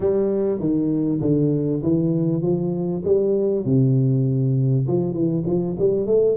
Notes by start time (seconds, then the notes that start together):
0.00 G3
0.59 D#3
1.21 D3
1.83 E3
2.42 F3
3.05 G3
3.65 C3
4.87 F3
5.12 E3
5.45 F3
5.78 G3
6.06 A3